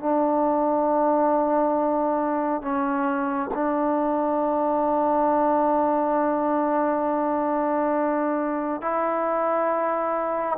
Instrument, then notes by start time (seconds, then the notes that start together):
trombone
0.00 D4
2.62 C#4
3.54 D4
8.82 E4